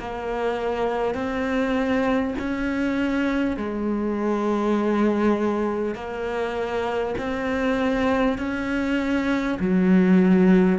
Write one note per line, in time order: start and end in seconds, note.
0.00 1.15 A#3
1.15 2.35 C4
2.39 3.57 C#4
3.57 5.96 G#3
5.96 7.16 A#3
7.19 8.38 C4
8.38 9.58 C#4
9.60 10.79 F#3